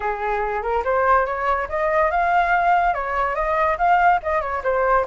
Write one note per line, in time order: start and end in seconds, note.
0.00 0.62 G#4
0.62 0.83 A#4
0.84 1.25 C5
1.25 1.67 C#5
1.68 2.10 D#5
2.11 2.94 F5
2.94 3.35 C#5
3.35 3.77 D#5
3.78 4.20 F5
4.22 4.41 D#5
4.41 4.62 C#5
4.63 5.05 C5